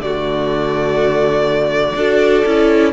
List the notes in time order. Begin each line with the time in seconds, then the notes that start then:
0.00 D3 A3 F#4 D5
1.95 D4 F#4 A4
2.45 C#4 E4